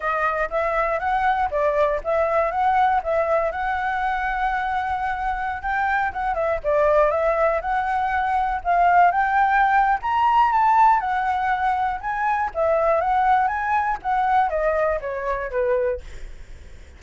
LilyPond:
\new Staff \with { instrumentName = "flute" } { \time 4/4 \tempo 4 = 120 dis''4 e''4 fis''4 d''4 | e''4 fis''4 e''4 fis''4~ | fis''2.~ fis''16 g''8.~ | g''16 fis''8 e''8 d''4 e''4 fis''8.~ |
fis''4~ fis''16 f''4 g''4.~ g''16 | ais''4 a''4 fis''2 | gis''4 e''4 fis''4 gis''4 | fis''4 dis''4 cis''4 b'4 | }